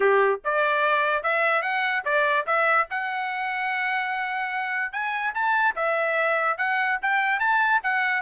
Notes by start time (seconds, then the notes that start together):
0.00 G4
0.44 D5
1.23 E5
1.61 F#5
2.05 D5
2.46 E5
2.90 F#5
4.92 G#5
5.34 A5
5.75 E5
6.57 F#5
7.02 G5
7.39 A5
7.83 F#5